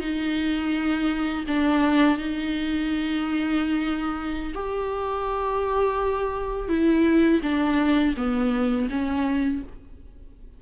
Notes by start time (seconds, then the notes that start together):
0.00 D#4
1.47 D4
2.18 D#4
4.54 G4
6.68 E4
7.42 D4
8.17 B3
8.90 C#4